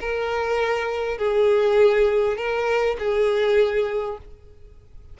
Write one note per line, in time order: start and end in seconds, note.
0.00 1.18 A#4
1.18 2.37 G#4
2.37 2.96 A#4
2.99 4.17 G#4